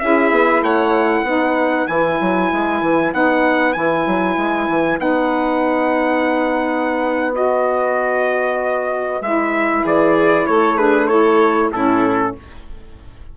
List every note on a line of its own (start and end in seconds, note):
0.00 0.31 C#4
0.00 1.26 E4
0.00 0.63 G#4
0.00 0.62 E5
0.31 0.62 B3
0.62 1.23 A3
0.62 1.24 C#5
0.62 1.88 F#5
1.23 1.86 B3
1.23 1.89 D#4
1.23 9.83 B4
1.88 2.19 E3
1.88 3.14 E4
1.88 3.13 G#5
2.21 2.52 F#3
2.52 2.81 G#3
2.81 3.12 E3
3.13 3.76 B3
3.13 3.74 D#4
3.13 3.73 F#5
3.73 4.07 E3
3.73 4.98 E4
3.73 4.98 G#5
4.07 4.37 F#3
4.37 4.68 G#3
4.68 4.99 E3
4.98 9.21 B3
4.98 7.33 D#4
4.98 7.35 F#5
7.33 9.21 F#4
7.33 9.23 D#5
9.21 9.84 G#3
9.21 10.79 E4
9.21 9.85 E5
9.83 10.47 E3
9.83 10.46 G#4
9.83 10.46 D5
10.46 11.73 A3
10.46 10.77 A4
10.46 10.78 C#5
10.77 11.10 D4
10.77 11.08 G#4
10.77 11.07 B4
11.07 11.72 E4
11.07 11.71 A4
11.07 11.70 C#5
11.72 12.35 A2
11.72 12.36 C#4
11.72 12.38 E4
11.72 12.35 A4